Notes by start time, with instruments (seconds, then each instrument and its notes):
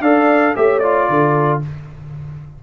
0.00 tuba D4, trombone A4, horn D5, trumpet F5
0.55 tuba A3, trombone G4, horn C#5, trumpet E5
0.79 trombone F4, trumpet D5
1.08 tuba D3, horn A4